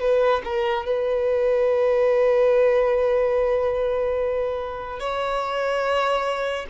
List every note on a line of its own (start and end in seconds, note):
0.00 0.42 B4
0.44 0.85 A#4
0.85 4.99 B4
4.99 6.66 C#5